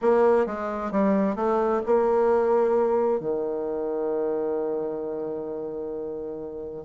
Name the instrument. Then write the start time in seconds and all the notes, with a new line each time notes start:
bassoon
0.01 A#3
0.46 G#3
0.91 G3
1.35 A3
1.86 A#3
3.20 D#3